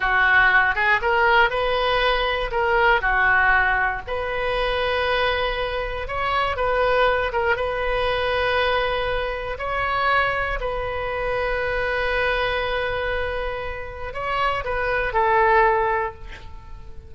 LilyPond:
\new Staff \with { instrumentName = "oboe" } { \time 4/4 \tempo 4 = 119 fis'4. gis'8 ais'4 b'4~ | b'4 ais'4 fis'2 | b'1 | cis''4 b'4. ais'8 b'4~ |
b'2. cis''4~ | cis''4 b'2.~ | b'1 | cis''4 b'4 a'2 | }